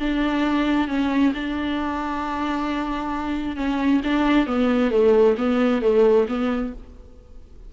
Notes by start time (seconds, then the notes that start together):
0.00 D4
0.88 C#4
1.35 D4
3.57 C#4
4.04 D4
4.47 B3
4.92 A3
5.38 B3
5.82 A3
6.29 B3